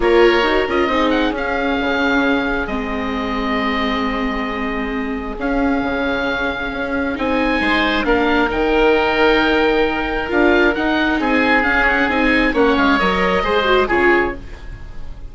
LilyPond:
<<
  \new Staff \with { instrumentName = "oboe" } { \time 4/4 \tempo 4 = 134 cis''4. dis''4 fis''8 f''4~ | f''2 dis''2~ | dis''1 | f''1 |
gis''2 f''4 g''4~ | g''2. f''4 | fis''4 gis''4 f''8 fis''8 gis''4 | fis''8 f''8 dis''2 cis''4 | }
  \new Staff \with { instrumentName = "oboe" } { \time 4/4 ais'2 gis'2~ | gis'1~ | gis'1~ | gis'1~ |
gis'4 c''4 ais'2~ | ais'1~ | ais'4 gis'2. | cis''2 c''4 gis'4 | }
  \new Staff \with { instrumentName = "viola" } { \time 4/4 f'4 fis'8 f'8 dis'4 cis'4~ | cis'2 c'2~ | c'1 | cis'1 |
dis'2 d'4 dis'4~ | dis'2. f'4 | dis'2 cis'4 dis'4 | cis'4 ais'4 gis'8 fis'8 f'4 | }
  \new Staff \with { instrumentName = "bassoon" } { \time 4/4 ais4 dis'8 cis'8 c'4 cis'4 | cis2 gis2~ | gis1 | cis'4 cis2 cis'4 |
c'4 gis4 ais4 dis4~ | dis2. d'4 | dis'4 c'4 cis'4 c'4 | ais8 gis8 fis4 gis4 cis4 | }
>>